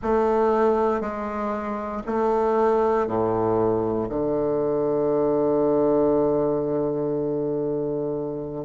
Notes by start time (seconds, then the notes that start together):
0.02 A3
1.00 G#3
2.06 A3
3.06 A2
4.09 D3